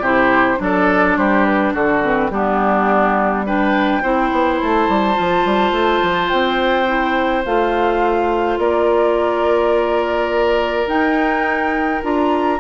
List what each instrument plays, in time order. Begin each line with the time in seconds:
0.00 bassoon C3, clarinet E4, oboe G4, flute C5
0.57 bassoon F#3, clarinet D4, oboe A4, flute D5
1.17 bassoon G3, oboe G4, flute C5
1.45 flute B4
1.74 bassoon D3, oboe F#4, flute A4
2.03 clarinet C4, flute B4
2.30 bassoon G3, clarinet B3, oboe D4, flute G4
3.46 clarinet D4, oboe B4, flute G5
4.03 bassoon C4, clarinet E4, oboe C5
4.32 bassoon B3
4.61 bassoon A3, flute A5
4.88 bassoon G3
5.14 bassoon F3, clarinet F4
5.45 bassoon G3
5.72 bassoon A3
6.03 bassoon F3
6.29 bassoon C4, flute G5
6.87 clarinet E4
7.45 bassoon A3, clarinet F4, flute F5
8.58 bassoon A#3, oboe A#4, flute D5
10.87 clarinet D#4, bassoon D#4, flute G5
12.02 bassoon D4, clarinet F4, flute A#5